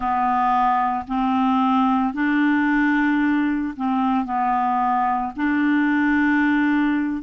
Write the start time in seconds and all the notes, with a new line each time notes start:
0.00 B3
1.07 C4
2.13 D4
3.76 C4
4.25 B3
5.36 D4